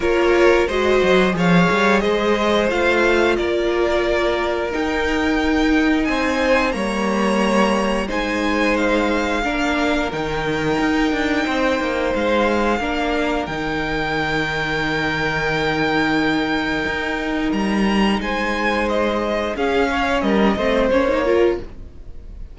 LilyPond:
<<
  \new Staff \with { instrumentName = "violin" } { \time 4/4 \tempo 4 = 89 cis''4 dis''4 f''4 dis''4 | f''4 d''2 g''4~ | g''4 gis''4 ais''2 | gis''4 f''2 g''4~ |
g''2 f''2 | g''1~ | g''2 ais''4 gis''4 | dis''4 f''4 dis''4 cis''4 | }
  \new Staff \with { instrumentName = "violin" } { \time 4/4 ais'4 c''4 cis''4 c''4~ | c''4 ais'2.~ | ais'4 c''4 cis''2 | c''2 ais'2~ |
ais'4 c''2 ais'4~ | ais'1~ | ais'2. c''4~ | c''4 gis'8 cis''8 ais'8 c''4 ais'8 | }
  \new Staff \with { instrumentName = "viola" } { \time 4/4 f'4 fis'4 gis'2 | f'2. dis'4~ | dis'2 ais2 | dis'2 d'4 dis'4~ |
dis'2. d'4 | dis'1~ | dis'1~ | dis'4 cis'4. c'8 cis'16 dis'16 f'8 | }
  \new Staff \with { instrumentName = "cello" } { \time 4/4 ais4 gis8 fis8 f8 g8 gis4 | a4 ais2 dis'4~ | dis'4 c'4 g2 | gis2 ais4 dis4 |
dis'8 d'8 c'8 ais8 gis4 ais4 | dis1~ | dis4 dis'4 g4 gis4~ | gis4 cis'4 g8 a8 ais4 | }
>>